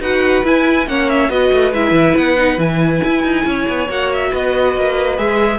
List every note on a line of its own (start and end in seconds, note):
0.00 0.43 D#4
0.00 0.44 F#4
0.00 0.87 B4
0.00 0.45 F#5
0.44 0.87 E4
0.44 0.88 G#5
0.87 1.29 A#3
0.87 1.29 C#4
0.87 1.31 C#5
0.87 1.09 F#5
1.09 1.29 E5
1.29 1.50 B3
1.29 1.72 F#4
1.29 3.45 B4
1.29 1.72 D#5
1.52 1.72 A3
1.72 1.91 G#3
1.72 2.37 E4
1.72 2.16 E5
1.91 2.13 E3
2.16 2.57 B3
2.16 2.60 F#5
2.37 2.57 D#4
2.57 3.00 E3
2.57 3.87 E4
2.57 3.89 G#5
3.04 3.23 E4
3.23 3.45 D#4
3.45 3.66 C#4
3.45 4.30 C#5
3.68 3.88 B3
3.88 4.32 A#3
3.88 5.17 F#4
3.88 4.12 F#5
4.12 4.34 E5
4.30 4.76 B3
4.30 5.59 B4
4.30 5.18 D#5
4.76 5.18 A#3
5.17 5.59 G#3
5.17 5.59 G#4
5.17 5.59 E5